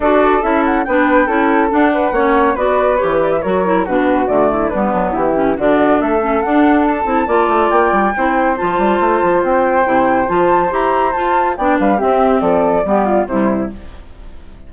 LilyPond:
<<
  \new Staff \with { instrumentName = "flute" } { \time 4/4 \tempo 4 = 140 d''4 e''8 fis''8 g''2 | fis''2 d''4 cis''8 d''16 e''16 | cis''4 b'4 d''4 b'4 | g'4 d''4 e''4 fis''4 |
a''2 g''2 | a''2 g''2 | a''4 ais''4 a''4 g''8 f''8 | e''4 d''2 c''4 | }
  \new Staff \with { instrumentName = "flute" } { \time 4/4 a'2 b'4 a'4~ | a'8 b'8 cis''4 b'2 | ais'4 fis'4. e'8 d'4 | e'4 fis'4 a'2~ |
a'4 d''2 c''4~ | c''1~ | c''2. d''8 b'8 | g'4 a'4 g'8 f'8 e'4 | }
  \new Staff \with { instrumentName = "clarinet" } { \time 4/4 fis'4 e'4 d'4 e'4 | d'4 cis'4 fis'4 g'4 | fis'8 e'8 d'4 a4 b4~ | b8 cis'8 d'4. cis'8 d'4~ |
d'8 e'8 f'2 e'4 | f'2. e'4 | f'4 g'4 f'4 d'4 | c'2 b4 g4 | }
  \new Staff \with { instrumentName = "bassoon" } { \time 4/4 d'4 cis'4 b4 cis'4 | d'4 ais4 b4 e4 | fis4 b,4 d4 g8 fis8 | e4 d4 a4 d'4~ |
d'8 c'8 ais8 a8 ais8 g8 c'4 | f8 g8 a8 f8 c'4 c4 | f4 e'4 f'4 b8 g8 | c'4 f4 g4 c4 | }
>>